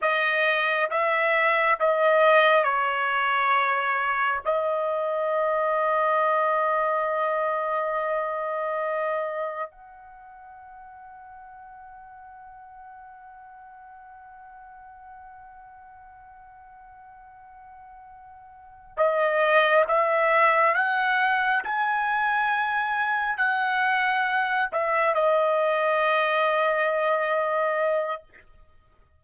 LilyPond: \new Staff \with { instrumentName = "trumpet" } { \time 4/4 \tempo 4 = 68 dis''4 e''4 dis''4 cis''4~ | cis''4 dis''2.~ | dis''2. fis''4~ | fis''1~ |
fis''1~ | fis''4. dis''4 e''4 fis''8~ | fis''8 gis''2 fis''4. | e''8 dis''2.~ dis''8 | }